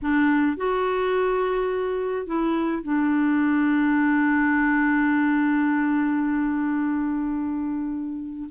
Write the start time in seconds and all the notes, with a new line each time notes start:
0.02 D4
0.56 F#4
2.26 E4
2.83 D4